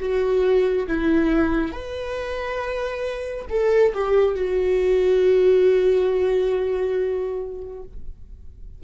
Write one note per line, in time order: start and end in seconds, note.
0.00 0.87 F#4
0.87 1.72 E4
1.72 3.46 B4
3.50 3.93 A4
3.94 4.35 G4
4.35 7.83 F#4